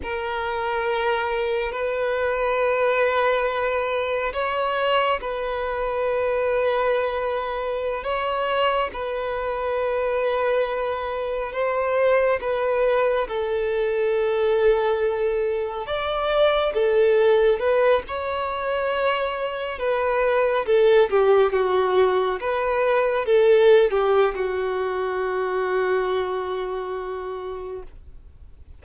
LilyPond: \new Staff \with { instrumentName = "violin" } { \time 4/4 \tempo 4 = 69 ais'2 b'2~ | b'4 cis''4 b'2~ | b'4~ b'16 cis''4 b'4.~ b'16~ | b'4~ b'16 c''4 b'4 a'8.~ |
a'2~ a'16 d''4 a'8.~ | a'16 b'8 cis''2 b'4 a'16~ | a'16 g'8 fis'4 b'4 a'8. g'8 | fis'1 | }